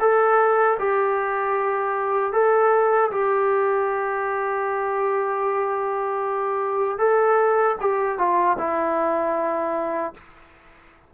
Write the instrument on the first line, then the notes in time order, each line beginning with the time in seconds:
trombone
0.00 A4
0.79 G4
2.33 A4
3.11 G4
6.98 A4
7.81 G4
8.18 F4
8.58 E4